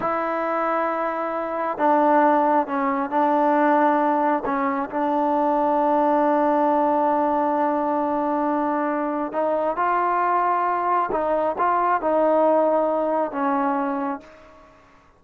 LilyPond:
\new Staff \with { instrumentName = "trombone" } { \time 4/4 \tempo 4 = 135 e'1 | d'2 cis'4 d'4~ | d'2 cis'4 d'4~ | d'1~ |
d'1~ | d'4 dis'4 f'2~ | f'4 dis'4 f'4 dis'4~ | dis'2 cis'2 | }